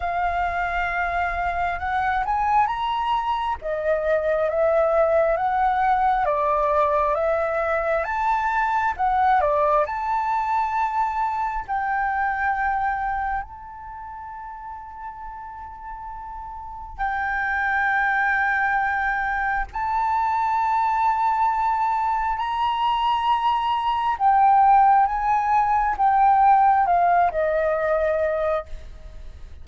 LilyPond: \new Staff \with { instrumentName = "flute" } { \time 4/4 \tempo 4 = 67 f''2 fis''8 gis''8 ais''4 | dis''4 e''4 fis''4 d''4 | e''4 a''4 fis''8 d''8 a''4~ | a''4 g''2 a''4~ |
a''2. g''4~ | g''2 a''2~ | a''4 ais''2 g''4 | gis''4 g''4 f''8 dis''4. | }